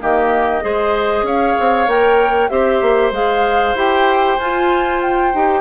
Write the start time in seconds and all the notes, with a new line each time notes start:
0.00 D#3 A#3 G4 D#5
0.61 G#3 G#4 C5
1.23 C#4 C#5 F5
1.59 C4
1.87 A#3 A#4 G5
2.49 C4 G4 C5 E5
2.81 A#3
3.11 G#3 G#4 F5
3.75 E4 G4 G5
4.38 F4 G#5
5.01 G5
5.34 D#4 G4